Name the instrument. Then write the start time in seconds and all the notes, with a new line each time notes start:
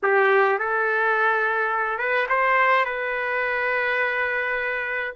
trumpet
0.02 G4
0.58 A4
1.98 B4
2.29 C5
2.85 B4